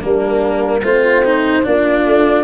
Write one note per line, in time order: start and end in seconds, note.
0.00 0.82 G3
0.00 0.82 A#3
0.00 0.81 D4
0.00 0.84 A#4
0.82 1.63 A3
0.82 1.63 C4
0.82 1.24 F4
0.82 1.65 C5
1.25 1.63 D#4
1.63 2.05 A#3
1.63 2.44 D4
1.63 2.44 F4
1.63 2.44 D5
2.05 2.44 A3